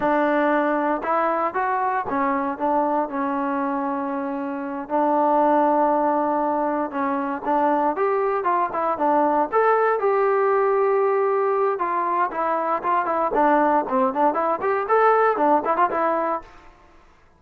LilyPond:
\new Staff \with { instrumentName = "trombone" } { \time 4/4 \tempo 4 = 117 d'2 e'4 fis'4 | cis'4 d'4 cis'2~ | cis'4. d'2~ d'8~ | d'4. cis'4 d'4 g'8~ |
g'8 f'8 e'8 d'4 a'4 g'8~ | g'2. f'4 | e'4 f'8 e'8 d'4 c'8 d'8 | e'8 g'8 a'4 d'8 e'16 f'16 e'4 | }